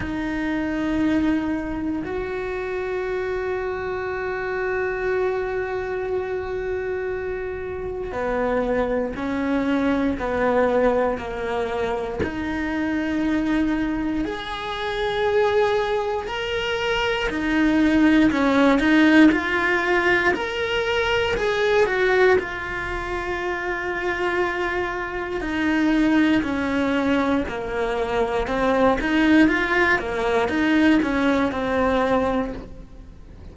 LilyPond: \new Staff \with { instrumentName = "cello" } { \time 4/4 \tempo 4 = 59 dis'2 fis'2~ | fis'1 | b4 cis'4 b4 ais4 | dis'2 gis'2 |
ais'4 dis'4 cis'8 dis'8 f'4 | ais'4 gis'8 fis'8 f'2~ | f'4 dis'4 cis'4 ais4 | c'8 dis'8 f'8 ais8 dis'8 cis'8 c'4 | }